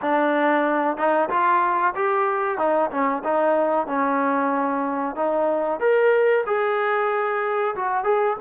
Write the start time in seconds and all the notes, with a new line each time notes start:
0.01 D4
0.97 D#4
1.29 F4
1.95 G4
2.58 D#4
2.90 C#4
3.24 D#4
3.87 C#4
5.15 D#4
5.79 A#4
6.46 G#4
7.75 F#4
8.04 G#4